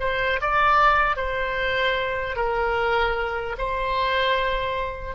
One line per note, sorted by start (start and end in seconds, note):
0.00 0.40 C5
0.41 1.16 D5
1.16 2.36 C5
2.36 3.56 A#4
3.58 5.15 C5